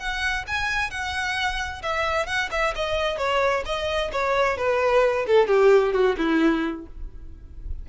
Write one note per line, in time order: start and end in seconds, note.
0.00 0.46 F#5
0.47 0.91 G#5
0.91 1.82 F#5
1.83 2.27 E5
2.27 2.50 F#5
2.51 2.74 E5
2.76 3.18 D#5
3.18 3.64 C#5
3.66 4.12 D#5
4.12 4.58 C#5
4.58 5.26 B4
5.27 5.48 A4
5.48 5.94 G4
5.94 6.16 F#4
6.18 6.87 E4